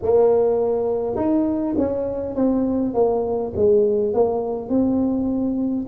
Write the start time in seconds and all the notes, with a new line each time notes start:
0.02 A#3
1.16 D#4
1.78 C#4
2.35 C4
2.94 A#3
3.56 G#3
4.13 A#3
4.69 C4